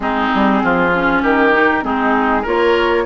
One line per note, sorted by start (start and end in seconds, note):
0.00 0.28 G#3
0.00 0.92 C4
0.00 0.62 D#4
0.00 1.20 G#4
0.34 0.63 G3
0.63 1.22 F3
0.63 1.22 F4
0.93 1.52 C#4
1.22 1.84 D#3
1.22 1.83 G4
1.22 1.84 A#4
1.52 1.82 D#4
1.82 2.45 G#3
1.82 2.43 C4
1.82 2.42 D#4
1.82 2.45 G#4
2.42 3.05 A#3
2.42 3.05 F4
2.42 3.03 A#4
2.42 3.05 C#5